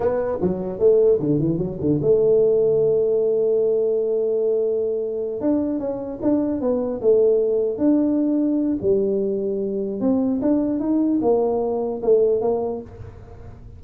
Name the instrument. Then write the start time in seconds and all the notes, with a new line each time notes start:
tuba
0.00 B3
0.41 F#3
0.79 A3
1.19 D3
1.39 E3
1.57 F#3
1.80 D3
2.01 A3
5.40 D4
5.79 C#4
6.21 D4
6.60 B3
7.01 A3
7.78 D4
8.81 G3
10.00 C4
10.41 D4
10.79 D#4
11.21 A#3
12.02 A3
12.41 A#3